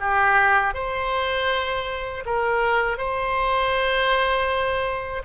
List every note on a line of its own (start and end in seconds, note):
0.00 0.74 G4
0.74 2.24 C5
2.25 2.97 A#4
2.97 5.22 C5